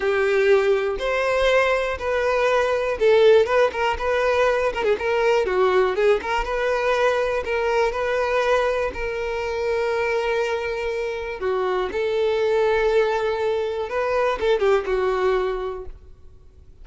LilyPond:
\new Staff \with { instrumentName = "violin" } { \time 4/4 \tempo 4 = 121 g'2 c''2 | b'2 a'4 b'8 ais'8 | b'4. ais'16 gis'16 ais'4 fis'4 | gis'8 ais'8 b'2 ais'4 |
b'2 ais'2~ | ais'2. fis'4 | a'1 | b'4 a'8 g'8 fis'2 | }